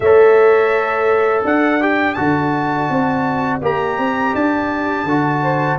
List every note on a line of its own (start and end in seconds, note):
0.00 1.43 A3
0.00 1.80 A4
0.00 1.46 C#5
0.00 1.43 E5
1.44 2.16 D4
1.44 5.42 D5
1.44 1.82 F#5
1.80 2.16 G4
1.80 2.14 G5
2.14 2.89 D3
2.14 3.61 F#4
2.14 3.58 A5
2.89 3.61 C4
3.62 3.97 A#3
3.62 5.06 G4
3.62 4.35 A#5
3.97 4.34 C4
4.34 5.04 D4
4.34 5.78 A5
5.04 5.76 D3
5.04 5.78 F#4
5.42 5.78 C5